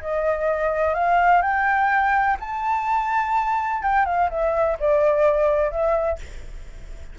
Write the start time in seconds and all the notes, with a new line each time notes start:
0.00 D#5
0.94 F5
1.41 G5
2.39 A5
3.82 G5
4.05 F5
4.29 E5
4.79 D5
5.71 E5